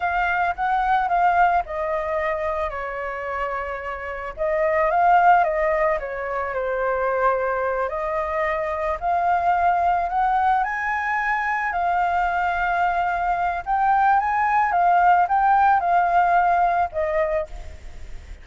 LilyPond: \new Staff \with { instrumentName = "flute" } { \time 4/4 \tempo 4 = 110 f''4 fis''4 f''4 dis''4~ | dis''4 cis''2. | dis''4 f''4 dis''4 cis''4 | c''2~ c''8 dis''4.~ |
dis''8 f''2 fis''4 gis''8~ | gis''4. f''2~ f''8~ | f''4 g''4 gis''4 f''4 | g''4 f''2 dis''4 | }